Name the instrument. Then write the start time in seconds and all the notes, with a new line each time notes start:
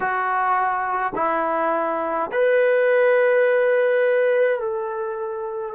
trombone
0.00 F#4
1.15 E4
2.31 B4
4.59 A4